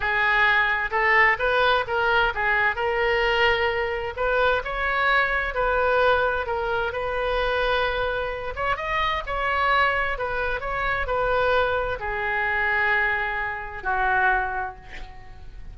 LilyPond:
\new Staff \with { instrumentName = "oboe" } { \time 4/4 \tempo 4 = 130 gis'2 a'4 b'4 | ais'4 gis'4 ais'2~ | ais'4 b'4 cis''2 | b'2 ais'4 b'4~ |
b'2~ b'8 cis''8 dis''4 | cis''2 b'4 cis''4 | b'2 gis'2~ | gis'2 fis'2 | }